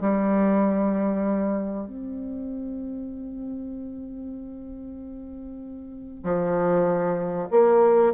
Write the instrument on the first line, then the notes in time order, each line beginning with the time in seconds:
bassoon
0.00 G3
1.87 C4
6.23 F3
7.51 A#3